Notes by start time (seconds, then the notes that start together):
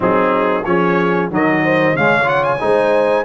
0.00 F#3 C4 D#4 G#4
0.64 F3 C#4 G#4 C#5
1.30 D#3 F#3 A#4 D#5
1.64 C5
1.95 C#3 G#3 C#5 F5
2.24 F4 F#5
2.43 G#5
2.60 G#3 D#4 C5